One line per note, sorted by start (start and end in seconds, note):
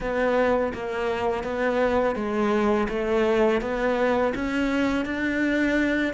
0.00 0.73 B3
0.73 1.43 A#3
1.43 2.15 B3
2.15 2.87 G#3
2.88 3.61 A3
3.61 4.33 B3
4.34 5.05 C#4
5.05 6.13 D4